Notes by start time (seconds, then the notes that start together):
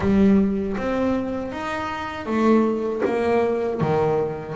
0.00 G3
0.77 C4
1.52 D#4
2.26 A3
3.05 A#3
3.80 D#3